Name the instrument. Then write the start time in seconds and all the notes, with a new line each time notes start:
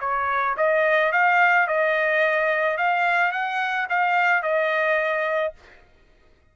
trumpet
0.00 C#5
0.57 D#5
1.12 F5
1.67 D#5
2.77 F5
3.32 F#5
3.89 F5
4.43 D#5